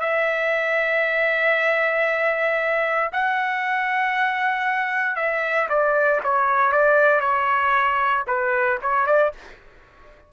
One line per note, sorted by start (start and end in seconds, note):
0.00 3.10 E5
3.13 5.16 F#5
5.16 5.68 E5
5.69 6.21 D5
6.24 6.72 C#5
6.72 7.21 D5
7.21 8.24 C#5
8.28 8.79 B4
8.82 9.07 C#5
9.07 9.32 D5